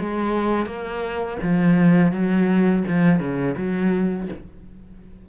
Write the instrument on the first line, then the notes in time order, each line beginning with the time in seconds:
cello
0.00 G#3
0.66 A#3
1.43 F3
2.12 F#3
2.88 F3
3.19 C#3
3.57 F#3